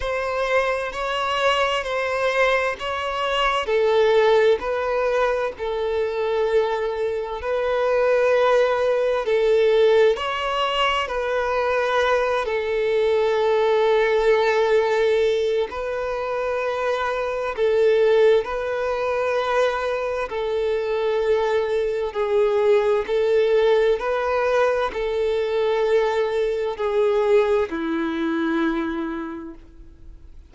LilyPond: \new Staff \with { instrumentName = "violin" } { \time 4/4 \tempo 4 = 65 c''4 cis''4 c''4 cis''4 | a'4 b'4 a'2 | b'2 a'4 cis''4 | b'4. a'2~ a'8~ |
a'4 b'2 a'4 | b'2 a'2 | gis'4 a'4 b'4 a'4~ | a'4 gis'4 e'2 | }